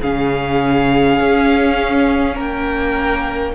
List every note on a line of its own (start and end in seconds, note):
0.00 1.20 C#3
0.00 3.54 C#4
0.00 2.35 G#4
0.00 2.37 F5
1.20 2.36 C#4
2.35 3.54 A#3
2.35 3.52 A#4
2.35 3.54 G5